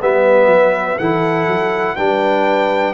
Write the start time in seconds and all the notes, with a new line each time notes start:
0.00 G3 B3 B4 E5
0.47 F#3
0.97 E3 E4 A4 F#5
1.47 F#3
1.96 G3 D4 B4 G5